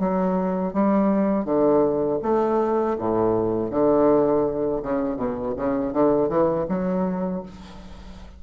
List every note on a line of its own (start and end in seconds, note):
0.00 0.73 F#3
0.73 1.45 G3
1.45 2.19 D3
2.23 2.97 A3
2.99 3.71 A2
3.71 4.82 D3
4.83 5.17 C#3
5.17 5.54 B2
5.57 5.93 C#3
5.93 6.29 D3
6.29 6.66 E3
6.69 7.43 F#3